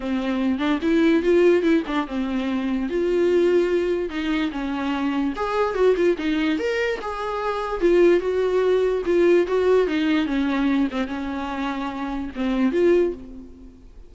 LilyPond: \new Staff \with { instrumentName = "viola" } { \time 4/4 \tempo 4 = 146 c'4. d'8 e'4 f'4 | e'8 d'8 c'2 f'4~ | f'2 dis'4 cis'4~ | cis'4 gis'4 fis'8 f'8 dis'4 |
ais'4 gis'2 f'4 | fis'2 f'4 fis'4 | dis'4 cis'4. c'8 cis'4~ | cis'2 c'4 f'4 | }